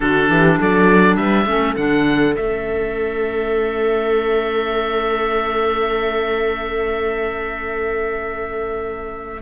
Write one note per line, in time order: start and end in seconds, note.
0.00 0.29 D3
0.00 1.46 D4
0.00 0.29 F#4
0.00 0.58 A4
0.29 0.58 E3
0.29 0.58 G4
0.58 1.17 F#3
0.58 1.17 A4
0.58 1.15 D5
1.15 1.46 G3
1.15 1.46 B4
1.15 1.74 E5
1.46 1.75 A3
1.46 1.76 C#4
1.46 9.42 A4
1.76 2.36 D3
1.76 2.35 D4
1.76 2.35 F#5
2.35 9.42 A3
2.35 9.41 C#4
2.35 9.42 E5